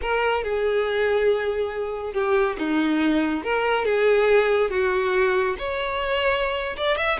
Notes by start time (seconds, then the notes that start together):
0.01 A#4
0.43 G#4
2.13 G4
2.58 D#4
3.43 A#4
3.85 G#4
4.70 F#4
5.58 C#5
6.76 D5
6.97 E5